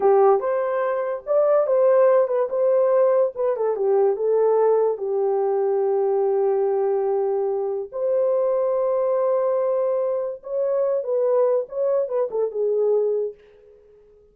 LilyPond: \new Staff \with { instrumentName = "horn" } { \time 4/4 \tempo 4 = 144 g'4 c''2 d''4 | c''4. b'8 c''2 | b'8 a'8 g'4 a'2 | g'1~ |
g'2. c''4~ | c''1~ | c''4 cis''4. b'4. | cis''4 b'8 a'8 gis'2 | }